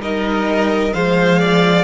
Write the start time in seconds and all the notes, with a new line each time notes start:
0.00 G3 D#4 A#4 D#5
0.93 F3 G#3 C5 F5
1.38 D5